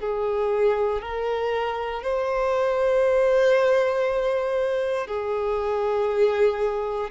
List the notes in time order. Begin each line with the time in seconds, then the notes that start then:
0.00 G#4
1.02 A#4
2.03 C5
5.07 G#4